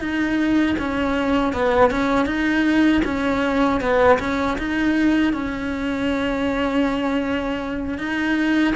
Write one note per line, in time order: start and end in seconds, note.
0.00 0.76 D#4
0.78 1.53 C#4
1.53 1.90 B3
1.90 2.26 C#4
2.26 3.02 D#4
3.04 3.80 C#4
3.80 4.18 B3
4.19 4.57 C#4
4.58 5.33 D#4
5.33 7.98 C#4
7.98 8.74 D#4